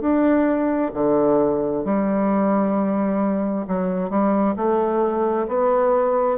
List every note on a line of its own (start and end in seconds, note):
0.00 0.91 D4
0.94 1.84 D3
1.84 3.66 G3
3.67 4.10 F#3
4.10 4.55 G3
4.56 5.47 A3
5.48 6.38 B3